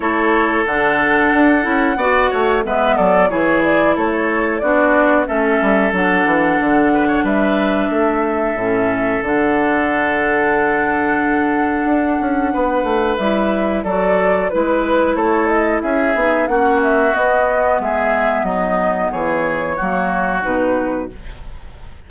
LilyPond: <<
  \new Staff \with { instrumentName = "flute" } { \time 4/4 \tempo 4 = 91 cis''4 fis''2. | e''8 d''8 cis''8 d''8 cis''4 d''4 | e''4 fis''2 e''4~ | e''2 fis''2~ |
fis''1 | e''4 d''4 b'4 cis''8 dis''8 | e''4 fis''8 e''8 dis''4 e''4 | dis''4 cis''2 b'4 | }
  \new Staff \with { instrumentName = "oboe" } { \time 4/4 a'2. d''8 cis''8 | b'8 a'8 gis'4 a'4 fis'4 | a'2~ a'8 b'16 cis''16 b'4 | a'1~ |
a'2. b'4~ | b'4 a'4 b'4 a'4 | gis'4 fis'2 gis'4 | dis'4 gis'4 fis'2 | }
  \new Staff \with { instrumentName = "clarinet" } { \time 4/4 e'4 d'4. e'8 fis'4 | b4 e'2 d'4 | cis'4 d'2.~ | d'4 cis'4 d'2~ |
d'1 | e'4 fis'4 e'2~ | e'8 dis'8 cis'4 b2~ | b2 ais4 dis'4 | }
  \new Staff \with { instrumentName = "bassoon" } { \time 4/4 a4 d4 d'8 cis'8 b8 a8 | gis8 fis8 e4 a4 b4 | a8 g8 fis8 e8 d4 g4 | a4 a,4 d2~ |
d2 d'8 cis'8 b8 a8 | g4 fis4 gis4 a4 | cis'8 b8 ais4 b4 gis4 | fis4 e4 fis4 b,4 | }
>>